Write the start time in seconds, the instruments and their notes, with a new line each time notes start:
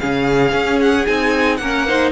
0.00 cello C#3, viola C#4, violin G#4 F5
0.52 cello C#4
0.81 violin F#5
1.06 cello C4, viola D#4, violin G#5
1.57 cello A#3, viola C#4, violin A#4 F#5
1.87 viola D#4, violin C5